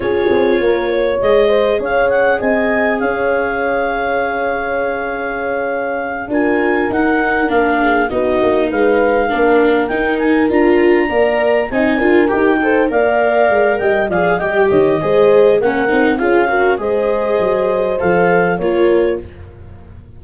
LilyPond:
<<
  \new Staff \with { instrumentName = "clarinet" } { \time 4/4 \tempo 4 = 100 cis''2 dis''4 f''8 fis''8 | gis''4 f''2.~ | f''2~ f''8 gis''4 fis''8~ | fis''8 f''4 dis''4 f''4.~ |
f''8 g''8 gis''8 ais''2 gis''8~ | gis''8 g''4 f''4. g''8 f''8 | g''8 dis''4. fis''4 f''4 | dis''2 f''4 cis''4 | }
  \new Staff \with { instrumentName = "horn" } { \time 4/4 gis'4 ais'8 cis''4 c''8 cis''4 | dis''4 cis''2.~ | cis''2~ cis''8 ais'4.~ | ais'4 gis'8 fis'4 b'4 ais'8~ |
ais'2~ ais'8 d''4 dis''8 | ais'4 c''8 d''4. dis''8 d''8 | dis''8 cis''8 c''4 ais'4 gis'8 ais'8 | c''2. ais'4 | }
  \new Staff \with { instrumentName = "viola" } { \time 4/4 f'2 gis'2~ | gis'1~ | gis'2~ gis'8 f'4 dis'8~ | dis'8 d'4 dis'2 d'8~ |
d'8 dis'4 f'4 ais'4 dis'8 | f'8 g'8 a'8 ais'2 gis'8 | g'4 gis'4 cis'8 dis'8 f'8 fis'8 | gis'2 a'4 f'4 | }
  \new Staff \with { instrumentName = "tuba" } { \time 4/4 cis'8 c'8 ais4 gis4 cis'4 | c'4 cis'2.~ | cis'2~ cis'8 d'4 dis'8~ | dis'8 ais4 b8 ais8 gis4 ais8~ |
ais8 dis'4 d'4 ais4 c'8 | d'8 dis'4 ais4 gis8 g8 f8 | g8 dis8 gis4 ais8 c'8 cis'4 | gis4 fis4 f4 ais4 | }
>>